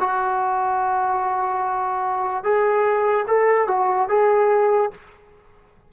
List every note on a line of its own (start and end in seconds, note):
0.00 2.44 F#4
2.44 3.26 G#4
3.28 3.68 A4
3.68 4.09 F#4
4.09 4.91 G#4